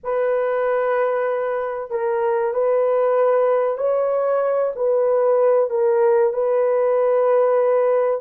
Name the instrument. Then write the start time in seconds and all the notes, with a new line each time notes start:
horn
0.03 B4
1.90 A#4
2.53 B4
3.77 C#5
4.75 B4
5.70 A#4
6.33 B4